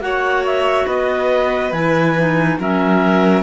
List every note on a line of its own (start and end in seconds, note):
0.00 0.86 A#3
0.00 1.73 F#4
0.00 0.87 C#5
0.00 0.45 F#5
0.46 0.87 E5
0.87 1.72 B3
0.87 2.58 B4
0.87 1.73 D#5
1.72 2.58 E3
1.72 2.16 E4
1.72 2.58 G#5
2.18 2.60 D#4
2.60 3.44 F#3
2.60 3.44 C#4
2.60 3.44 A#4
2.60 3.44 E5